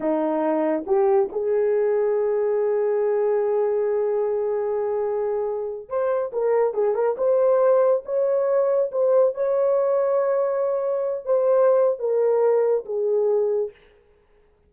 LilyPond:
\new Staff \with { instrumentName = "horn" } { \time 4/4 \tempo 4 = 140 dis'2 g'4 gis'4~ | gis'1~ | gis'1~ | gis'4.~ gis'16 c''4 ais'4 gis'16~ |
gis'16 ais'8 c''2 cis''4~ cis''16~ | cis''8. c''4 cis''2~ cis''16~ | cis''2~ cis''16 c''4.~ c''16 | ais'2 gis'2 | }